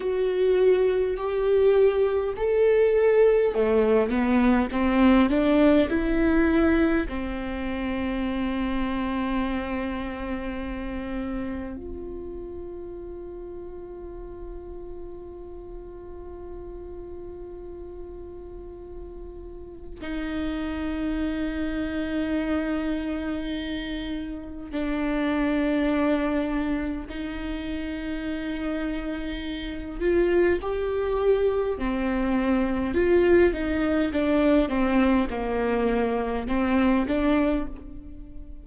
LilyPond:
\new Staff \with { instrumentName = "viola" } { \time 4/4 \tempo 4 = 51 fis'4 g'4 a'4 a8 b8 | c'8 d'8 e'4 c'2~ | c'2 f'2~ | f'1~ |
f'4 dis'2.~ | dis'4 d'2 dis'4~ | dis'4. f'8 g'4 c'4 | f'8 dis'8 d'8 c'8 ais4 c'8 d'8 | }